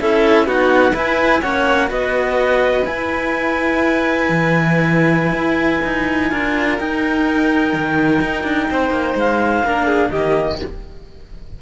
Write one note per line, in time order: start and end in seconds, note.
0.00 0.48 C#4
0.00 0.45 E4
0.00 0.46 A4
0.00 0.47 E5
0.45 0.92 B3
0.45 0.92 D#4
0.45 0.93 F#4
0.45 0.95 F#5
0.92 1.39 E4
0.92 1.42 E4
0.92 1.41 B4
0.92 1.41 G#5
1.41 1.91 A#3
1.41 1.87 C#4
1.41 1.89 C#5
1.41 1.89 F#5
1.87 2.86 B3
1.87 2.83 F#4
1.87 6.30 B4
1.87 2.85 D#5
2.85 6.31 E4
2.85 4.29 E4
2.85 6.78 G#5
4.29 5.33 E3
5.33 5.81 E4
5.84 6.31 D#4
6.30 6.79 D4
6.30 6.78 F4
6.30 8.68 A#4
6.78 9.64 D#4
6.78 7.73 D#4
6.78 9.17 G5
7.73 8.20 D#3
8.22 8.43 D#4
8.43 8.67 D4
8.70 8.90 C4
8.70 9.65 C5
8.90 9.14 A#3
9.15 9.62 G#3
9.15 10.09 F5
9.62 10.10 A#3
9.62 10.13 D4
9.62 9.86 A#4
9.86 10.10 G#4
10.09 10.58 D#3
10.09 10.61 A#3
10.09 10.59 G4
10.09 10.57 D#5